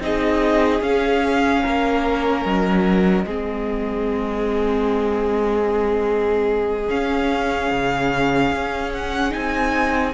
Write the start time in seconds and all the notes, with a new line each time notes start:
0.00 C4 D#4 G#4 D#5
0.81 C#4 F5
1.63 A#3 A#4
2.44 F#3 D#5
3.24 G#3 C4 G#4
6.88 C#4 F5
7.71 C#3
8.52 C#4
8.93 F#5
9.31 C4 D#4 G#5